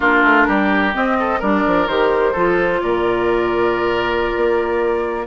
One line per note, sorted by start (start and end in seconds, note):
0.00 0.23 A#3
0.00 0.93 D4
0.00 0.47 F4
0.00 0.94 A#4
0.23 0.46 A3
0.47 0.94 G3
0.47 1.17 G4
0.93 1.40 C4
0.93 1.42 C4
0.93 1.41 D#5
1.19 1.39 A4
1.39 1.65 G3
1.39 1.88 D4
1.39 2.32 A#4
1.39 1.87 D5
1.66 1.87 F3
1.87 2.34 D#3
1.87 2.35 G4
1.87 2.80 C5
2.32 2.81 F3
2.32 5.26 F4
2.32 2.79 A4
2.80 4.34 A#2
2.80 5.26 A#4
2.80 5.26 D5
4.36 5.26 A#3